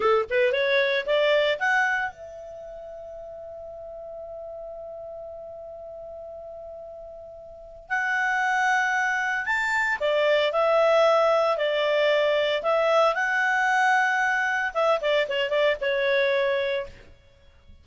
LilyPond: \new Staff \with { instrumentName = "clarinet" } { \time 4/4 \tempo 4 = 114 a'8 b'8 cis''4 d''4 fis''4 | e''1~ | e''1~ | e''2. fis''4~ |
fis''2 a''4 d''4 | e''2 d''2 | e''4 fis''2. | e''8 d''8 cis''8 d''8 cis''2 | }